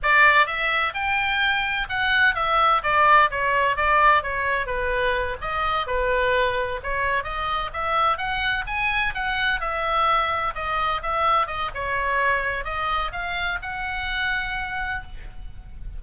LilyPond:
\new Staff \with { instrumentName = "oboe" } { \time 4/4 \tempo 4 = 128 d''4 e''4 g''2 | fis''4 e''4 d''4 cis''4 | d''4 cis''4 b'4. dis''8~ | dis''8 b'2 cis''4 dis''8~ |
dis''8 e''4 fis''4 gis''4 fis''8~ | fis''8 e''2 dis''4 e''8~ | e''8 dis''8 cis''2 dis''4 | f''4 fis''2. | }